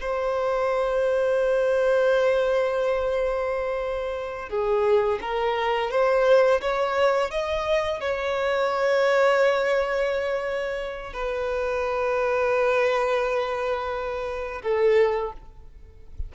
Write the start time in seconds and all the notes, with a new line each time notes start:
0.00 C5
4.49 G#4
5.21 A#4
5.91 C5
6.61 C#5
7.31 D#5
8.00 C#5
11.13 B4
14.62 A4